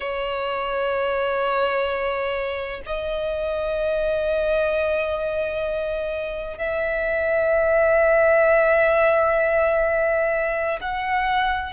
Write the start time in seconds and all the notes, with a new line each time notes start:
0.00 C#5
2.86 D#5
6.58 E5
10.81 F#5